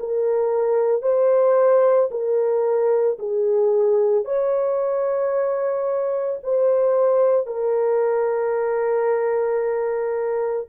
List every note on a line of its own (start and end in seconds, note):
0.00 1.03 A#4
1.03 2.10 C5
2.11 3.19 A#4
3.19 4.25 G#4
4.25 6.39 C#5
6.44 7.47 C5
7.47 10.68 A#4